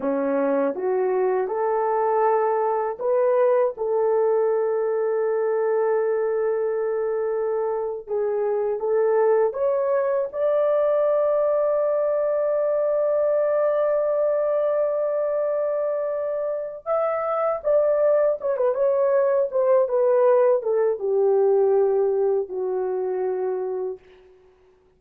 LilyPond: \new Staff \with { instrumentName = "horn" } { \time 4/4 \tempo 4 = 80 cis'4 fis'4 a'2 | b'4 a'2.~ | a'2~ a'8. gis'4 a'16~ | a'8. cis''4 d''2~ d''16~ |
d''1~ | d''2~ d''8 e''4 d''8~ | d''8 cis''16 b'16 cis''4 c''8 b'4 a'8 | g'2 fis'2 | }